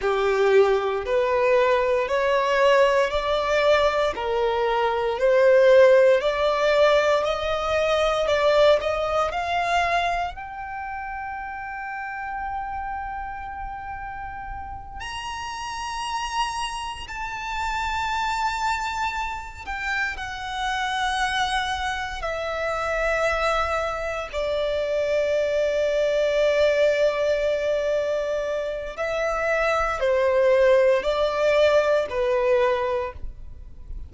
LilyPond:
\new Staff \with { instrumentName = "violin" } { \time 4/4 \tempo 4 = 58 g'4 b'4 cis''4 d''4 | ais'4 c''4 d''4 dis''4 | d''8 dis''8 f''4 g''2~ | g''2~ g''8 ais''4.~ |
ais''8 a''2~ a''8 g''8 fis''8~ | fis''4. e''2 d''8~ | d''1 | e''4 c''4 d''4 b'4 | }